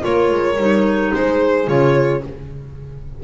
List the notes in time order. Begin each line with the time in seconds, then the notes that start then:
0.00 A#3 F4 A#4 C#5
0.31 G#3
0.57 G3 D#4
1.14 G#3 G#4 C5
1.66 C#3 F4 C#5